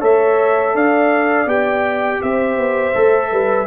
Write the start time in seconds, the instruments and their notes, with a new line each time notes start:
0.00 tuba A3, trombone A4, horn C#5, trumpet E5
0.74 tuba D4, horn D5, trumpet F5
1.46 tuba B3, trombone G4, trumpet G5
2.21 tuba C4, horn C5, trumpet E5
2.57 tuba B3
2.94 tuba A3, trombone A4
3.30 tuba G3, horn B4